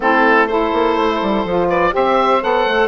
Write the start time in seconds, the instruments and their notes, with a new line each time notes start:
0.00 bassoon A3, saxophone C4 E4, oboe A4
0.47 saxophone E4 A4, oboe C5
0.72 bassoon A#3
0.96 bassoon A3
1.22 bassoon G3
1.45 bassoon F3, saxophone F4
1.68 saxophone B4, oboe D5
1.91 bassoon C4, saxophone G4 C5, oboe E5
2.42 bassoon B3, saxophone A4, oboe F#5
2.66 bassoon A3